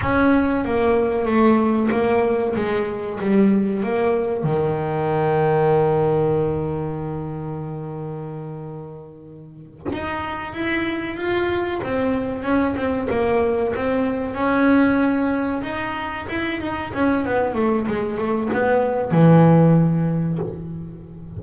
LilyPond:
\new Staff \with { instrumentName = "double bass" } { \time 4/4 \tempo 4 = 94 cis'4 ais4 a4 ais4 | gis4 g4 ais4 dis4~ | dis1~ | dis2.~ dis8 dis'8~ |
dis'8 e'4 f'4 c'4 cis'8 | c'8 ais4 c'4 cis'4.~ | cis'8 dis'4 e'8 dis'8 cis'8 b8 a8 | gis8 a8 b4 e2 | }